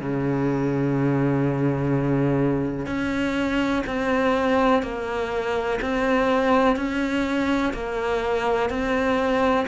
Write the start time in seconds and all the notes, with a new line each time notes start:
0.00 C#3
2.86 C#4
3.86 C4
4.82 A#3
5.81 C4
6.76 C#4
7.73 A#3
8.69 C4